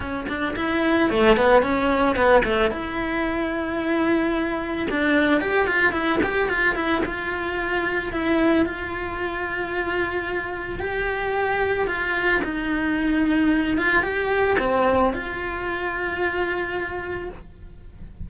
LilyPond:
\new Staff \with { instrumentName = "cello" } { \time 4/4 \tempo 4 = 111 cis'8 d'8 e'4 a8 b8 cis'4 | b8 a8 e'2.~ | e'4 d'4 g'8 f'8 e'8 g'8 | f'8 e'8 f'2 e'4 |
f'1 | g'2 f'4 dis'4~ | dis'4. f'8 g'4 c'4 | f'1 | }